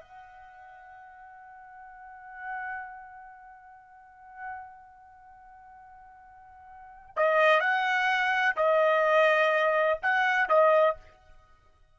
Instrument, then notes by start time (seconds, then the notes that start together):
trumpet
0.00 F#5
7.16 D#5
7.60 F#5
8.56 D#5
10.02 F#5
10.49 D#5